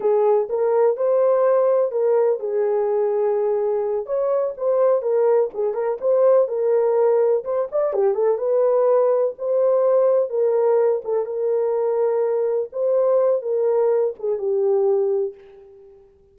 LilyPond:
\new Staff \with { instrumentName = "horn" } { \time 4/4 \tempo 4 = 125 gis'4 ais'4 c''2 | ais'4 gis'2.~ | gis'8 cis''4 c''4 ais'4 gis'8 | ais'8 c''4 ais'2 c''8 |
d''8 g'8 a'8 b'2 c''8~ | c''4. ais'4. a'8 ais'8~ | ais'2~ ais'8 c''4. | ais'4. gis'8 g'2 | }